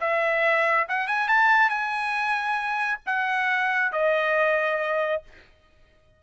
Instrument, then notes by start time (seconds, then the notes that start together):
trumpet
0.00 E5
0.89 F#5
1.07 G#5
1.28 A5
1.69 G#5
3.06 F#5
3.92 D#5